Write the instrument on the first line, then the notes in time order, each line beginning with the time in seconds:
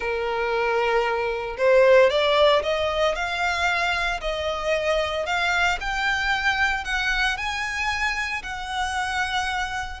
violin
0.00 A#4
1.57 C5
2.09 D5
2.62 D#5
3.15 F5
4.21 D#5
5.26 F5
5.80 G5
6.84 F#5
7.37 G#5
8.42 F#5